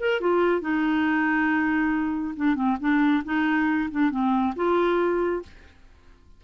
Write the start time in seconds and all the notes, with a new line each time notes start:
0.00 A#4
0.21 F4
0.61 D#4
2.36 D4
2.56 C4
2.80 D4
3.25 D#4
3.91 D4
4.11 C4
4.56 F4